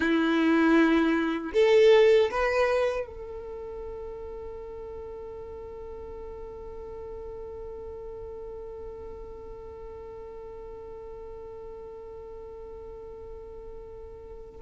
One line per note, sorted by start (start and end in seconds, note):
0.00 1.52 E4
1.53 2.30 A4
2.30 3.06 B4
3.06 14.60 A4